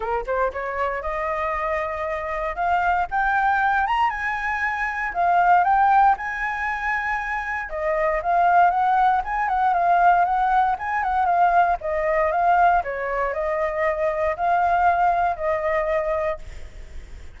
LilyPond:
\new Staff \with { instrumentName = "flute" } { \time 4/4 \tempo 4 = 117 ais'8 c''8 cis''4 dis''2~ | dis''4 f''4 g''4. ais''8 | gis''2 f''4 g''4 | gis''2. dis''4 |
f''4 fis''4 gis''8 fis''8 f''4 | fis''4 gis''8 fis''8 f''4 dis''4 | f''4 cis''4 dis''2 | f''2 dis''2 | }